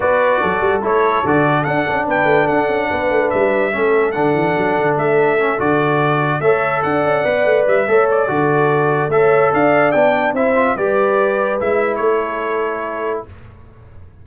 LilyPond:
<<
  \new Staff \with { instrumentName = "trumpet" } { \time 4/4 \tempo 4 = 145 d''2 cis''4 d''4 | fis''4 g''4 fis''2 | e''2 fis''2 | e''4. d''2 e''8~ |
e''8 fis''2 e''4 d''8~ | d''2 e''4 f''4 | g''4 e''4 d''2 | e''4 cis''2. | }
  \new Staff \with { instrumentName = "horn" } { \time 4/4 b'4 a'2.~ | a'4 b'4 a'4 b'4~ | b'4 a'2.~ | a'2.~ a'8 cis''8~ |
cis''8 d''2~ d''8 cis''4 | a'2 cis''4 d''4~ | d''4 c''4 b'2~ | b'4 a'2. | }
  \new Staff \with { instrumentName = "trombone" } { \time 4/4 fis'2 e'4 fis'4 | d'1~ | d'4 cis'4 d'2~ | d'4 cis'8 fis'2 a'8~ |
a'4. b'4. a'4 | fis'2 a'2 | d'4 e'8 f'8 g'2 | e'1 | }
  \new Staff \with { instrumentName = "tuba" } { \time 4/4 b4 fis8 g8 a4 d4 | d'8 cis'8 b8 a8 d'8 cis'8 b8 a8 | g4 a4 d8 e8 fis8 d8 | a4. d2 a8~ |
a8 d'8 cis'8 b8 a8 g8 a4 | d2 a4 d'4 | b4 c'4 g2 | gis4 a2. | }
>>